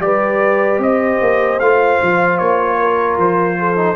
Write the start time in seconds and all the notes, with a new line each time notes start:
0.00 G3 G4 B4 D5
0.78 C4 D#5
0.84 C5
1.21 A#3
1.59 A3 F4 F5
2.02 F3
2.38 A#3 C#5
2.79 A#4
3.17 F3 C5
3.59 A4
3.76 D#4